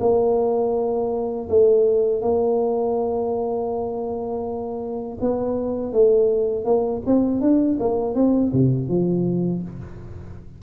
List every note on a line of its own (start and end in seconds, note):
0.00 1.48 A#3
1.49 2.22 A3
2.22 5.18 A#3
5.20 5.92 B3
5.92 6.65 A3
6.65 7.02 A#3
7.06 7.41 C4
7.41 7.78 D4
7.79 8.15 A#3
8.15 8.52 C4
8.53 8.88 C3
8.88 9.62 F3